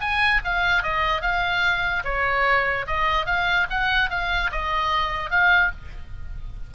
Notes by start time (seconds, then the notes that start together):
0.00 G#5
0.44 F5
0.83 D#5
1.21 F5
2.04 C#5
2.86 D#5
3.26 F5
3.70 F#5
4.10 F5
4.51 D#5
5.30 F5